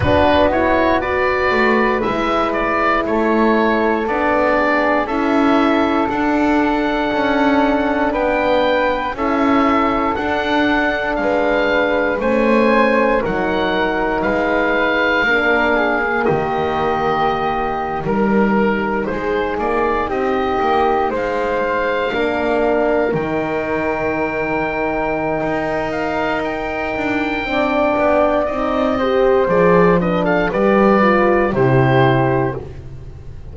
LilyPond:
<<
  \new Staff \with { instrumentName = "oboe" } { \time 4/4 \tempo 4 = 59 b'8 cis''8 d''4 e''8 d''8 cis''4 | d''4 e''4 fis''2 | g''4 e''4 fis''4 f''4 | gis''4 fis''4 f''2 |
dis''4.~ dis''16 ais'4 c''8 d''8 dis''16~ | dis''8. f''2 g''4~ g''16~ | g''4. f''8 g''2 | dis''4 d''8 dis''16 f''16 d''4 c''4 | }
  \new Staff \with { instrumentName = "flute" } { \time 4/4 fis'4 b'2 a'4~ | a'8 gis'8 a'2. | b'4 a'2 b'4 | c''4 ais'4 b'4 ais'8 gis'8 |
g'4.~ g'16 ais'4 gis'4 g'16~ | g'8. c''4 ais'2~ ais'16~ | ais'2. d''4~ | d''8 c''4 b'16 a'16 b'4 g'4 | }
  \new Staff \with { instrumentName = "horn" } { \time 4/4 d'8 e'8 fis'4 e'2 | d'4 e'4 d'2~ | d'4 e'4 d'2 | cis'4 dis'2 d'8. ais16~ |
ais4.~ ais16 dis'2~ dis'16~ | dis'4.~ dis'16 d'4 dis'4~ dis'16~ | dis'2. d'4 | dis'8 g'8 gis'8 d'8 g'8 f'8 e'4 | }
  \new Staff \with { instrumentName = "double bass" } { \time 4/4 b4. a8 gis4 a4 | b4 cis'4 d'4 cis'4 | b4 cis'4 d'4 gis4 | a4 fis4 gis4 ais4 |
dis4.~ dis16 g4 gis8 ais8 c'16~ | c'16 ais8 gis4 ais4 dis4~ dis16~ | dis4 dis'4. d'8 c'8 b8 | c'4 f4 g4 c4 | }
>>